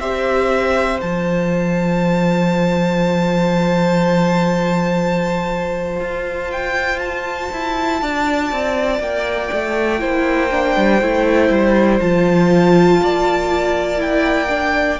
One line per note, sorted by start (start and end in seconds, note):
0.00 1.00 C4
0.00 1.01 G4
0.00 8.01 C5
0.00 1.01 E5
1.01 6.01 F3
1.01 10.00 F4
1.01 6.51 A5
6.01 7.51 F4
6.52 7.00 G5
7.00 9.00 A5
7.53 8.02 E4
8.02 8.52 D4
8.02 10.01 D5
8.52 9.00 C4
9.00 9.50 A#3
9.00 12.00 G5
9.53 10.02 A3
10.00 10.77 A#3
10.00 10.50 E4
10.00 13.01 C5
10.51 11.01 D4
10.77 11.01 G3
11.01 11.50 A3
11.01 12.02 E4
11.50 12.00 G3
12.00 13.01 F3
12.00 13.97 F4
12.00 14.00 A5
13.03 15.00 A#3
13.03 15.00 D5
13.97 14.47 E4
13.97 15.00 G5
14.49 14.99 D4